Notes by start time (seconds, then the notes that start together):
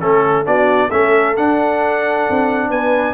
0.00 A3 C#4 A4
0.44 B3 D4 F#4 D5
0.88 A3 C#4 A4 E5
1.36 D4 F#5
2.30 C4
2.69 B3 B4 G#5